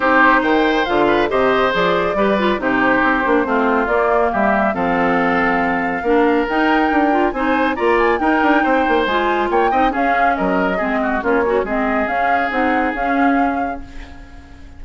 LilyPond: <<
  \new Staff \with { instrumentName = "flute" } { \time 4/4 \tempo 4 = 139 c''4 g''4 f''4 dis''4 | d''2 c''2~ | c''4 d''4 e''4 f''4~ | f''2. g''4~ |
g''4 gis''4 ais''8 gis''8 g''4~ | g''4 gis''4 g''4 f''4 | dis''2 cis''4 dis''4 | f''4 fis''4 f''2 | }
  \new Staff \with { instrumentName = "oboe" } { \time 4/4 g'4 c''4. b'8 c''4~ | c''4 b'4 g'2 | f'2 g'4 a'4~ | a'2 ais'2~ |
ais'4 c''4 d''4 ais'4 | c''2 cis''8 dis''8 gis'4 | ais'4 gis'8 fis'8 f'8 cis'8 gis'4~ | gis'1 | }
  \new Staff \with { instrumentName = "clarinet" } { \time 4/4 dis'2 f'4 g'4 | gis'4 g'8 f'8 dis'4. d'8 | c'4 ais2 c'4~ | c'2 d'4 dis'4~ |
dis'8 f'8 dis'4 f'4 dis'4~ | dis'4 f'4. dis'8 cis'4~ | cis'4 c'4 cis'8 fis'8 c'4 | cis'4 dis'4 cis'2 | }
  \new Staff \with { instrumentName = "bassoon" } { \time 4/4 c'4 dis4 d4 c4 | f4 g4 c4 c'8 ais8 | a4 ais4 g4 f4~ | f2 ais4 dis'4 |
d'4 c'4 ais4 dis'8 d'8 | c'8 ais8 gis4 ais8 c'8 cis'4 | fis4 gis4 ais4 gis4 | cis'4 c'4 cis'2 | }
>>